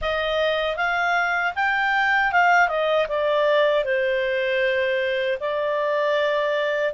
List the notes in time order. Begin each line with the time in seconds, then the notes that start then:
0.01 D#5
0.76 F5
1.55 G5
2.31 F5
2.68 D#5
3.08 D5
3.84 C5
5.40 D5